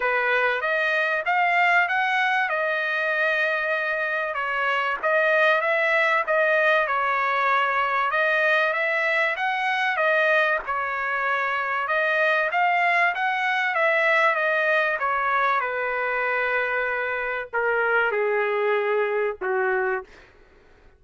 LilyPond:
\new Staff \with { instrumentName = "trumpet" } { \time 4/4 \tempo 4 = 96 b'4 dis''4 f''4 fis''4 | dis''2. cis''4 | dis''4 e''4 dis''4 cis''4~ | cis''4 dis''4 e''4 fis''4 |
dis''4 cis''2 dis''4 | f''4 fis''4 e''4 dis''4 | cis''4 b'2. | ais'4 gis'2 fis'4 | }